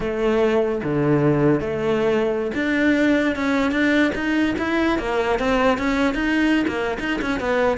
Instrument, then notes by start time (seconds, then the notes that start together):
cello
0.00 A3
0.83 D3
1.60 A3
2.54 D4
3.35 C#4
3.71 D4
4.14 D#4
4.58 E4
4.98 A#3
5.39 C4
5.78 C#4
6.14 D#4
6.67 A#3
6.99 D#4
7.21 C#4
7.40 B3